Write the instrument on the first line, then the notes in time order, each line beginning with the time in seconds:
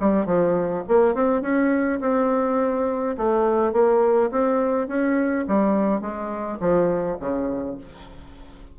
bassoon
0.00 G3
0.26 F3
0.88 A#3
1.14 C4
1.42 C#4
2.00 C4
3.17 A3
3.72 A#3
4.31 C4
4.87 C#4
5.48 G3
6.01 G#3
6.60 F3
7.19 C#3